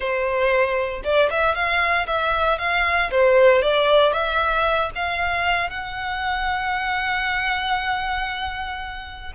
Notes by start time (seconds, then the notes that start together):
0.00 C5
1.03 D5
1.30 E5
1.54 F5
2.07 E5
2.58 F5
3.10 C5
3.62 D5
4.12 E5
4.95 F5
5.69 F#5